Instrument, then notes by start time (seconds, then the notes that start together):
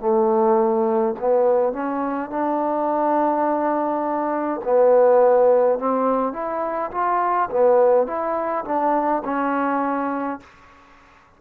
trombone
0.00 A3
1.20 B3
1.73 C#4
2.30 D4
4.65 B3
5.79 C4
6.33 E4
6.92 F4
7.51 B3
8.07 E4
8.65 D4
9.25 C#4